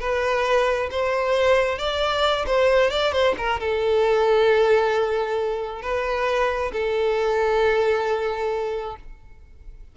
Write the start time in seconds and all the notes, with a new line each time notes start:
0.00 B4
0.91 C5
1.78 D5
2.46 C5
2.90 D5
3.13 C5
3.38 A#4
3.60 A4
5.82 B4
6.72 A4